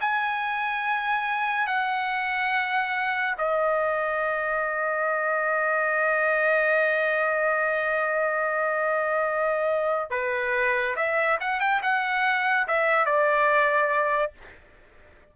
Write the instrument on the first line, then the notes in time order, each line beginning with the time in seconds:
trumpet
0.00 G#5
1.66 F#5
3.38 D#5
10.10 B4
10.96 E5
11.40 F#5
11.60 G5
11.82 F#5
12.68 E5
13.05 D5